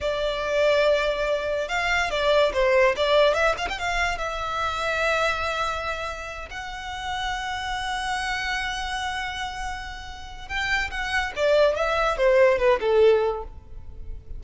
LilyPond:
\new Staff \with { instrumentName = "violin" } { \time 4/4 \tempo 4 = 143 d''1 | f''4 d''4 c''4 d''4 | e''8 f''16 g''16 f''4 e''2~ | e''2.~ e''8 fis''8~ |
fis''1~ | fis''1~ | fis''4 g''4 fis''4 d''4 | e''4 c''4 b'8 a'4. | }